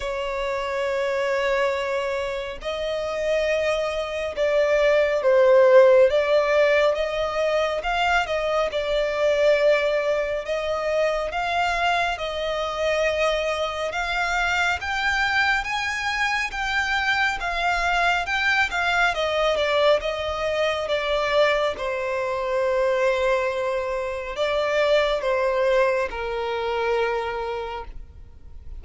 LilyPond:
\new Staff \with { instrumentName = "violin" } { \time 4/4 \tempo 4 = 69 cis''2. dis''4~ | dis''4 d''4 c''4 d''4 | dis''4 f''8 dis''8 d''2 | dis''4 f''4 dis''2 |
f''4 g''4 gis''4 g''4 | f''4 g''8 f''8 dis''8 d''8 dis''4 | d''4 c''2. | d''4 c''4 ais'2 | }